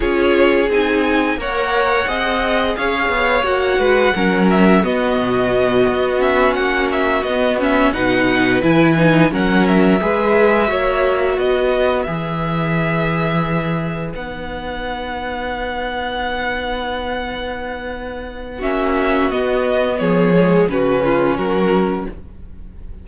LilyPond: <<
  \new Staff \with { instrumentName = "violin" } { \time 4/4 \tempo 4 = 87 cis''4 gis''4 fis''2 | f''4 fis''4. e''8 dis''4~ | dis''4 e''8 fis''8 e''8 dis''8 e''8 fis''8~ | fis''8 gis''4 fis''8 e''2~ |
e''8 dis''4 e''2~ e''8~ | e''8 fis''2.~ fis''8~ | fis''2. e''4 | dis''4 cis''4 b'4 ais'4 | }
  \new Staff \with { instrumentName = "violin" } { \time 4/4 gis'2 cis''4 dis''4 | cis''4. b'8 ais'4 fis'4~ | fis'2.~ fis'8 b'8~ | b'4. ais'4 b'4 cis''8~ |
cis''8 b'2.~ b'8~ | b'1~ | b'2. fis'4~ | fis'4 gis'4 fis'8 f'8 fis'4 | }
  \new Staff \with { instrumentName = "viola" } { \time 4/4 f'4 dis'4 ais'4 gis'4~ | gis'4 fis'4 cis'4 b4~ | b4 cis'4. b8 cis'8 dis'8~ | dis'8 e'8 dis'8 cis'4 gis'4 fis'8~ |
fis'4. gis'2~ gis'8~ | gis'8 dis'2.~ dis'8~ | dis'2. cis'4 | b4. gis8 cis'2 | }
  \new Staff \with { instrumentName = "cello" } { \time 4/4 cis'4 c'4 ais4 c'4 | cis'8 b8 ais8 gis8 fis4 b8 b,8~ | b,8 b4 ais4 b4 b,8~ | b,8 e4 fis4 gis4 ais8~ |
ais8 b4 e2~ e8~ | e8 b2.~ b8~ | b2. ais4 | b4 f4 cis4 fis4 | }
>>